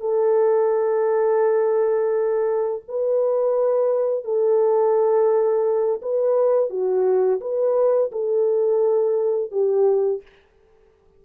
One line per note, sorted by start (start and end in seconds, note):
0.00 2.82 A4
2.88 4.24 B4
4.24 6.01 A4
6.02 6.70 B4
6.70 7.40 F#4
7.41 8.11 B4
8.12 9.51 A4
9.51 10.22 G4